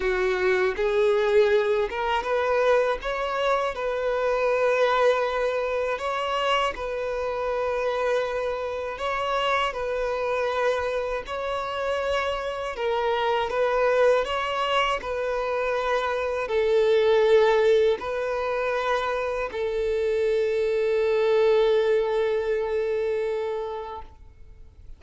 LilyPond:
\new Staff \with { instrumentName = "violin" } { \time 4/4 \tempo 4 = 80 fis'4 gis'4. ais'8 b'4 | cis''4 b'2. | cis''4 b'2. | cis''4 b'2 cis''4~ |
cis''4 ais'4 b'4 cis''4 | b'2 a'2 | b'2 a'2~ | a'1 | }